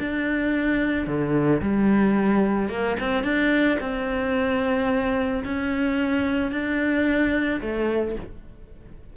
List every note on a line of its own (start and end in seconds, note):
0.00 1.07 D4
1.07 1.62 D3
1.62 2.70 G3
2.70 2.97 A#3
3.00 3.24 C4
3.24 3.78 D4
3.80 5.44 C4
5.45 6.52 C#4
6.52 7.61 D4
7.62 8.16 A3